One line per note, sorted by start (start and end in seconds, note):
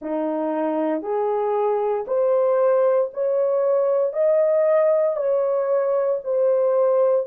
0.01 1.02 D#4
1.02 2.05 G#4
2.07 3.10 C5
3.13 4.13 C#5
4.13 5.16 D#5
5.16 6.19 C#5
6.24 7.26 C5